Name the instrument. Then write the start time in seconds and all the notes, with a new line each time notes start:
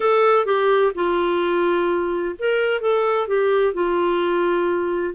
clarinet
0.00 A4
0.45 G4
0.94 F4
2.38 A#4
2.81 A4
3.27 G4
3.73 F4